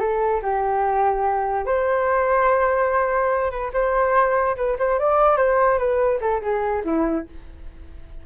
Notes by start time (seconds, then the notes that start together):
0.00 A4
0.43 G4
1.66 C5
3.51 B4
3.73 C5
4.57 B4
4.79 C5
5.00 D5
5.37 C5
5.79 B4
6.21 A4
6.42 G#4
6.85 E4